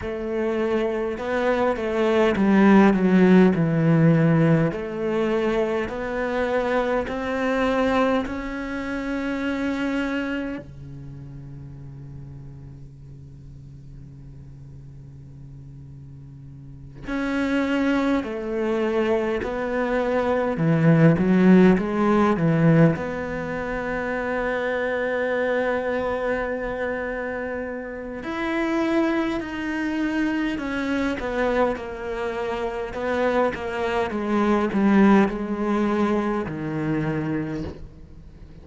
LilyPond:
\new Staff \with { instrumentName = "cello" } { \time 4/4 \tempo 4 = 51 a4 b8 a8 g8 fis8 e4 | a4 b4 c'4 cis'4~ | cis'4 cis2.~ | cis2~ cis8 cis'4 a8~ |
a8 b4 e8 fis8 gis8 e8 b8~ | b1 | e'4 dis'4 cis'8 b8 ais4 | b8 ais8 gis8 g8 gis4 dis4 | }